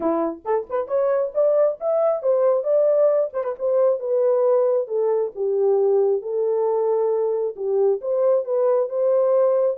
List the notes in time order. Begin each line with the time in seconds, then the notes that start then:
0.00 E4
0.44 A4
0.69 B4
0.87 C#5
1.34 D5
1.80 E5
2.22 C5
2.63 D5
3.33 C5
3.43 B4
3.58 C5
3.99 B4
4.87 A4
5.35 G4
6.22 A4
7.56 G4
8.01 C5
8.44 B4
8.89 C5